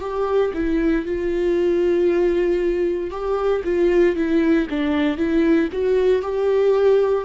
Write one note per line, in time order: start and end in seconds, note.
0.00 0.52 G4
0.54 1.05 E4
1.05 3.10 F4
3.10 3.62 G4
3.64 4.15 F4
4.15 4.67 E4
4.70 5.17 D4
5.17 5.69 E4
5.72 6.22 F#4
6.22 7.24 G4